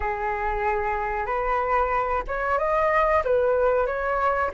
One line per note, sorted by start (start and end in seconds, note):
0.00 1.26 G#4
1.26 2.23 B4
2.27 2.58 C#5
2.58 3.23 D#5
3.24 3.86 B4
3.86 4.50 C#5